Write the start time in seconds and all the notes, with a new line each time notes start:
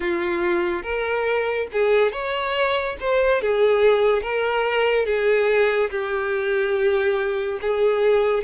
0.00 F4
0.83 A#4
1.72 G#4
2.12 C#5
3.00 C5
3.41 G#4
4.22 A#4
5.05 G#4
5.90 G4
7.61 G#4